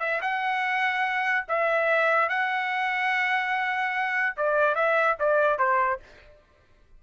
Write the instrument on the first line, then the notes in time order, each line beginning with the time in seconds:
trumpet
0.00 E5
0.22 F#5
1.48 E5
2.29 F#5
4.37 D5
4.75 E5
5.19 D5
5.59 C5